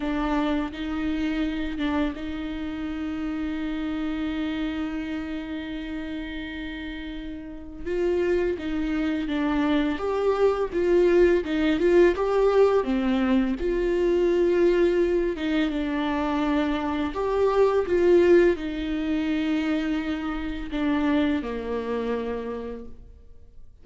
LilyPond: \new Staff \with { instrumentName = "viola" } { \time 4/4 \tempo 4 = 84 d'4 dis'4. d'8 dis'4~ | dis'1~ | dis'2. f'4 | dis'4 d'4 g'4 f'4 |
dis'8 f'8 g'4 c'4 f'4~ | f'4. dis'8 d'2 | g'4 f'4 dis'2~ | dis'4 d'4 ais2 | }